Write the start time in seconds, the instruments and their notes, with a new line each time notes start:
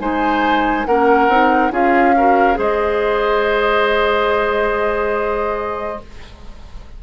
0.00 bassoon G#3, clarinet D#4, oboe C5, flute G#5
0.86 bassoon A#3, clarinet C#4, oboe A#4, flute F#5
1.28 bassoon C4, clarinet D#4
1.71 bassoon C#4, clarinet F4, oboe G#4, flute F5
2.17 clarinet F#4, oboe A#4
2.54 bassoon G#3, clarinet G#4, oboe C5
2.61 flute D#5